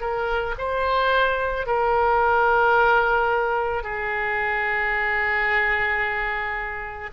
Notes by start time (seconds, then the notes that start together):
0.00 A#4
0.58 C5
1.66 A#4
3.83 G#4